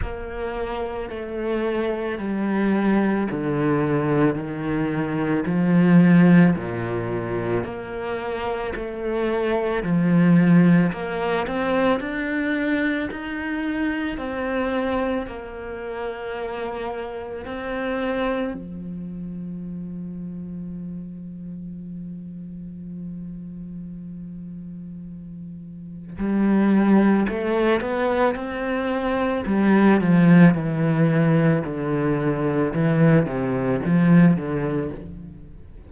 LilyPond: \new Staff \with { instrumentName = "cello" } { \time 4/4 \tempo 4 = 55 ais4 a4 g4 d4 | dis4 f4 ais,4 ais4 | a4 f4 ais8 c'8 d'4 | dis'4 c'4 ais2 |
c'4 f2.~ | f1 | g4 a8 b8 c'4 g8 f8 | e4 d4 e8 c8 f8 d8 | }